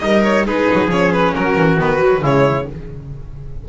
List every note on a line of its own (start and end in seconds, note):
0.00 0.46 G3
0.00 0.46 D#4
0.00 0.47 A#4
0.00 0.22 D#5
0.25 0.46 C#5
0.46 0.68 G#3
0.46 0.90 D#4
0.46 1.35 G#4
0.46 0.91 B4
0.74 0.90 F#3
0.90 1.33 F3
0.90 1.79 C#4
0.90 1.13 C#5
1.13 1.35 B4
1.35 1.57 F#3
1.35 2.23 F#4
1.35 1.79 A#4
1.57 1.79 E3
1.79 2.21 D#3
1.79 1.98 B3
1.79 2.25 B4
1.98 2.20 F#3
2.21 2.65 C#3
2.21 2.66 G#3
2.21 2.66 E4
2.21 2.69 C#5